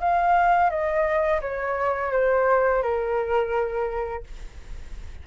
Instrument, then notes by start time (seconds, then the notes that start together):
flute
0.00 F5
0.70 D#5
1.41 C#5
2.12 C5
2.83 A#4